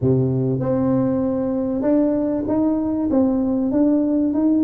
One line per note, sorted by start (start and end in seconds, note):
0.01 0.60 C3
0.60 1.82 C4
1.82 2.43 D4
2.47 3.09 D#4
3.10 3.71 C4
3.71 4.33 D4
4.33 4.64 D#4